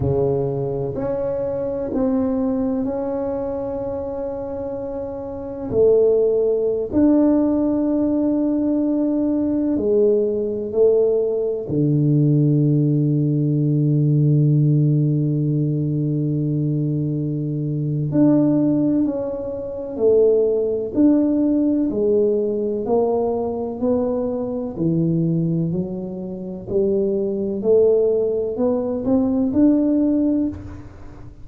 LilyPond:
\new Staff \with { instrumentName = "tuba" } { \time 4/4 \tempo 4 = 63 cis4 cis'4 c'4 cis'4~ | cis'2 a4~ a16 d'8.~ | d'2~ d'16 gis4 a8.~ | a16 d2.~ d8.~ |
d2. d'4 | cis'4 a4 d'4 gis4 | ais4 b4 e4 fis4 | g4 a4 b8 c'8 d'4 | }